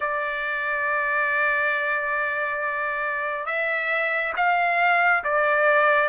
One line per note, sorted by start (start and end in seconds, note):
0.00 3.46 D5
3.46 4.33 E5
4.36 5.23 F5
5.24 6.08 D5